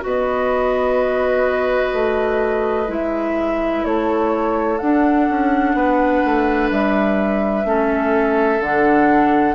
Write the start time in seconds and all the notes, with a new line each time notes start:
0.00 B3 F#4 B4 D#5
1.93 A3
2.87 G#3 E4 E5
3.84 A3 A4 C#5
4.78 D4 F#5
5.29 C#4
5.74 B3 B4
6.25 A3
6.71 G3 E5
7.64 A3 C#4 A4
8.60 D3 D4 F#5